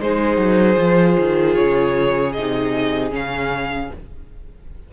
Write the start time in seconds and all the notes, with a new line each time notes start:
0.00 G#3 D#4 G#4 C5
0.37 F#3
0.75 F3 F4
1.19 D#3
1.55 C#3 C#5
2.32 C3 D#4 D#5
3.10 C#3 C#4 F5